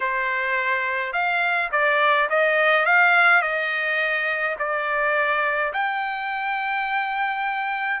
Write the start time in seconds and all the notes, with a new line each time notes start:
0.00 C5
1.12 F5
1.71 D5
2.29 D#5
2.85 F5
3.41 D#5
4.58 D5
5.73 G5